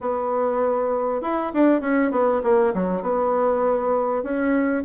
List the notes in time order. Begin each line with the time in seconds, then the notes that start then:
0.01 B3
1.21 E4
1.53 D4
1.80 C#4
2.11 B3
2.43 A#3
2.74 F#3
3.01 B3
4.23 C#4